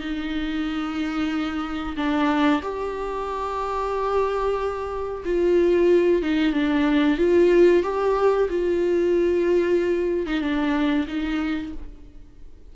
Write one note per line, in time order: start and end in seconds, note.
0.00 1.96 D#4
1.96 2.61 D4
2.62 5.23 G4
5.25 6.22 F4
6.22 6.52 D#4
6.52 7.17 D4
7.17 7.83 F4
7.83 8.48 G4
8.49 10.26 F4
10.26 10.41 D#4
10.41 11.06 D4
11.07 11.72 D#4